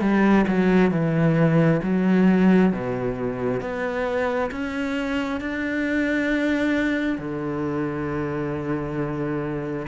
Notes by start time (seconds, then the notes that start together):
0.00 G3
0.47 F#3
0.91 E3
1.83 F#3
2.72 B2
3.61 B3
4.51 C#4
5.40 D4
7.18 D3